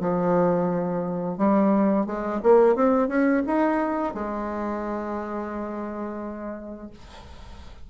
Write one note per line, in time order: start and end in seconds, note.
0.00 1.38 F3
1.38 2.06 G3
2.06 2.40 G#3
2.43 2.75 A#3
2.75 3.08 C4
3.08 3.42 C#4
3.46 4.14 D#4
4.14 6.90 G#3